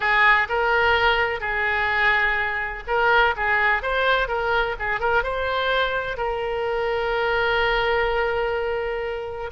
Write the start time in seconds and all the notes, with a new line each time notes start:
0.00 G#4
0.48 A#4
1.40 G#4
2.87 A#4
3.36 G#4
3.82 C5
4.28 A#4
4.79 G#4
5.00 A#4
5.23 C5
6.17 A#4